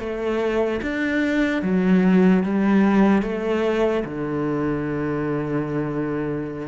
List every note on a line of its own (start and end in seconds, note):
0.00 0.81 A3
0.82 1.63 D4
1.63 2.44 F#3
2.44 3.22 G3
3.22 4.04 A3
4.05 6.68 D3